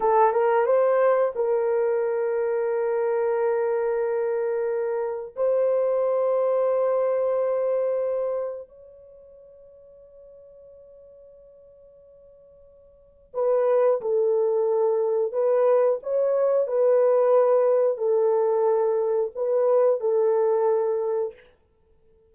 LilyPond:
\new Staff \with { instrumentName = "horn" } { \time 4/4 \tempo 4 = 90 a'8 ais'8 c''4 ais'2~ | ais'1 | c''1~ | c''4 cis''2.~ |
cis''1 | b'4 a'2 b'4 | cis''4 b'2 a'4~ | a'4 b'4 a'2 | }